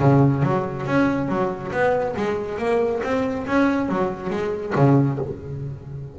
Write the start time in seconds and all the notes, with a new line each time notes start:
0.00 C#3
0.43 F#3
0.86 C#4
1.29 F#3
1.73 B3
2.17 G#3
2.59 A#3
3.04 C4
3.47 C#4
3.89 F#3
4.31 G#3
4.76 C#3